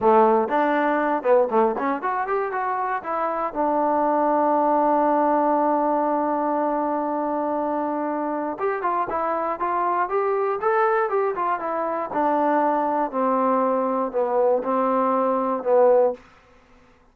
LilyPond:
\new Staff \with { instrumentName = "trombone" } { \time 4/4 \tempo 4 = 119 a4 d'4. b8 a8 cis'8 | fis'8 g'8 fis'4 e'4 d'4~ | d'1~ | d'1~ |
d'4 g'8 f'8 e'4 f'4 | g'4 a'4 g'8 f'8 e'4 | d'2 c'2 | b4 c'2 b4 | }